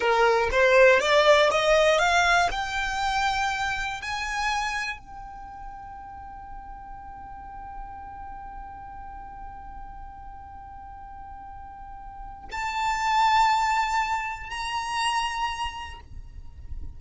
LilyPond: \new Staff \with { instrumentName = "violin" } { \time 4/4 \tempo 4 = 120 ais'4 c''4 d''4 dis''4 | f''4 g''2. | gis''2 g''2~ | g''1~ |
g''1~ | g''1~ | g''4 a''2.~ | a''4 ais''2. | }